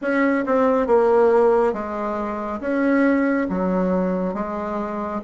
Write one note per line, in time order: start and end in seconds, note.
0.01 0.45 C#4
0.46 0.86 C4
0.86 1.73 A#3
1.73 2.60 G#3
2.60 3.47 C#4
3.49 4.34 F#3
4.34 5.21 G#3